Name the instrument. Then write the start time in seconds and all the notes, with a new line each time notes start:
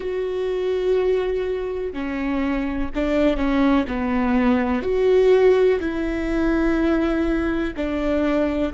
viola
0.00 F#4
1.93 C#4
2.94 D4
3.36 C#4
3.87 B3
4.82 F#4
5.80 E4
7.76 D4